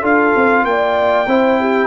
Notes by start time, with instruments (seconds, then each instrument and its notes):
0.00 tuba D4, trombone F4, horn A4, trumpet F5
0.36 tuba C4
0.64 tuba A#3, horn D5, trumpet G5
1.27 tuba C4, trombone E4, horn C5
1.60 horn G4